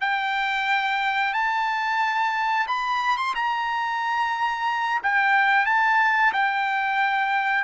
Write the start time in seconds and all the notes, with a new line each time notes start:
0.00 G5
1.33 A5
2.67 B5
3.17 C6
3.35 A#5
5.03 G5
5.65 A5
6.32 G5